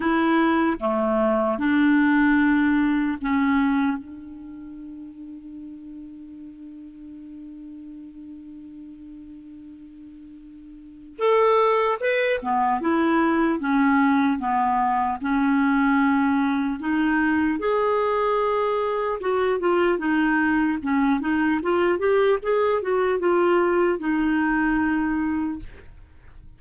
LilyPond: \new Staff \with { instrumentName = "clarinet" } { \time 4/4 \tempo 4 = 75 e'4 a4 d'2 | cis'4 d'2.~ | d'1~ | d'2 a'4 b'8 b8 |
e'4 cis'4 b4 cis'4~ | cis'4 dis'4 gis'2 | fis'8 f'8 dis'4 cis'8 dis'8 f'8 g'8 | gis'8 fis'8 f'4 dis'2 | }